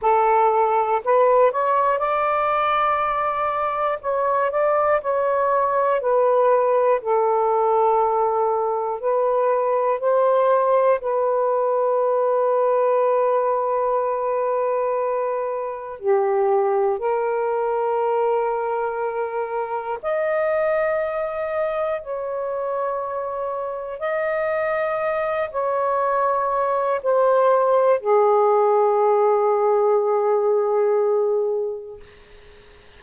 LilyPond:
\new Staff \with { instrumentName = "saxophone" } { \time 4/4 \tempo 4 = 60 a'4 b'8 cis''8 d''2 | cis''8 d''8 cis''4 b'4 a'4~ | a'4 b'4 c''4 b'4~ | b'1 |
g'4 ais'2. | dis''2 cis''2 | dis''4. cis''4. c''4 | gis'1 | }